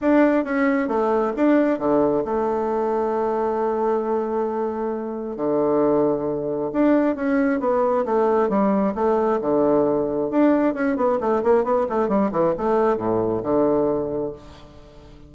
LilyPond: \new Staff \with { instrumentName = "bassoon" } { \time 4/4 \tempo 4 = 134 d'4 cis'4 a4 d'4 | d4 a2.~ | a1 | d2. d'4 |
cis'4 b4 a4 g4 | a4 d2 d'4 | cis'8 b8 a8 ais8 b8 a8 g8 e8 | a4 a,4 d2 | }